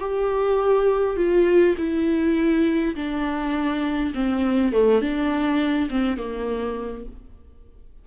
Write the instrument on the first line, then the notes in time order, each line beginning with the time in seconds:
viola
0.00 G4
1.17 F4
1.78 E4
2.96 D4
4.15 C4
4.73 A3
5.02 D4
5.90 C4
6.18 A#3